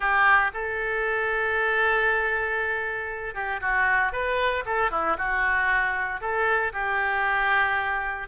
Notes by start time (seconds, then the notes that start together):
0.00 G4
0.53 A4
3.34 G4
3.60 F#4
4.12 B4
4.65 A4
4.90 E4
5.17 F#4
6.20 A4
6.72 G4